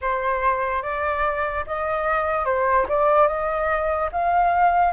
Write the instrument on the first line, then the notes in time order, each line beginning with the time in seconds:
flute
0.01 C5
0.82 D5
1.66 D#5
2.45 C5
2.88 D5
3.27 D#5
4.12 F5